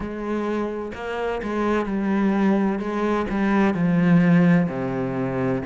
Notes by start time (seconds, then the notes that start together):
0.00 G#3
0.94 A#3
1.43 G#3
1.85 G3
2.79 G#3
3.29 G3
3.74 F3
4.68 C3